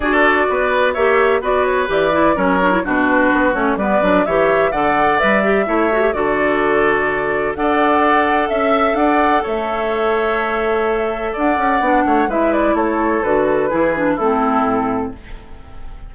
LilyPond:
<<
  \new Staff \with { instrumentName = "flute" } { \time 4/4 \tempo 4 = 127 d''2 e''4 d''8 cis''8 | d''4 cis''4 b'4. cis''8 | d''4 e''4 fis''4 e''4~ | e''4 d''2. |
fis''2 e''4 fis''4 | e''1 | fis''2 e''8 d''8 cis''4 | b'2 a'2 | }
  \new Staff \with { instrumentName = "oboe" } { \time 4/4 a'4 b'4 cis''4 b'4~ | b'4 ais'4 fis'2 | b'4 cis''4 d''2 | cis''4 a'2. |
d''2 e''4 d''4 | cis''1 | d''4. cis''8 b'4 a'4~ | a'4 gis'4 e'2 | }
  \new Staff \with { instrumentName = "clarinet" } { \time 4/4 fis'2 g'4 fis'4 | g'8 e'8 cis'8 d'16 e'16 d'4. cis'8 | b8 d'8 g'4 a'4 b'8 g'8 | e'8 fis'16 g'16 fis'2. |
a'1~ | a'1~ | a'4 d'4 e'2 | fis'4 e'8 d'8 c'2 | }
  \new Staff \with { instrumentName = "bassoon" } { \time 4/4 d'4 b4 ais4 b4 | e4 fis4 b,4 b8 a8 | g8 fis8 e4 d4 g4 | a4 d2. |
d'2 cis'4 d'4 | a1 | d'8 cis'8 b8 a8 gis4 a4 | d4 e4 a4 a,4 | }
>>